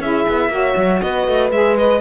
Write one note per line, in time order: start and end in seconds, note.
0.00 0.25 C#4
0.00 0.51 E4
0.00 0.52 G#4
0.00 1.01 E5
0.29 0.49 B3
0.49 0.74 A#3
0.49 1.51 F#4
0.49 1.02 C#5
0.76 1.01 F#3
1.01 1.27 B3
1.01 2.01 B4
1.01 1.51 D#5
1.27 1.51 A3
1.51 2.01 G#3
1.51 1.78 G#4
1.51 1.77 E5
1.78 2.01 B4
1.78 2.01 D#5